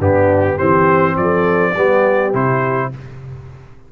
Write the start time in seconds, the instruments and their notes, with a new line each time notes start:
0.00 tuba G2, trombone B3, horn D4, trumpet G4
0.56 tuba E3, trombone C4, horn G4, trumpet C5
1.17 tuba F3, horn A4, trumpet D5
1.73 tuba G3, trombone B3, horn G4
2.33 tuba C3, trombone E4, trumpet C5